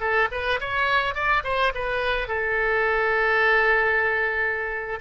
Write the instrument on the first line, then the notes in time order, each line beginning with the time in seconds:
oboe
0.00 A4
0.31 B4
0.60 C#5
1.14 D5
1.44 C5
1.75 B4
2.28 A4